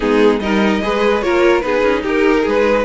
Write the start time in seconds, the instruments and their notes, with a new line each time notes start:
0.00 cello G#3, viola B3, violin D#4 G#4
0.39 cello G3, viola D#4, violin A#4 D#5
0.82 cello G#3, viola G#4, violin B4
1.21 cello A#3, viola F4, violin A#4 C#5
1.61 cello B3, viola D#4, violin G#4 B4
1.83 cello C#4
2.03 cello D#4, violin G4 A#4
2.41 cello G#3, violin G#4
2.48 violin B4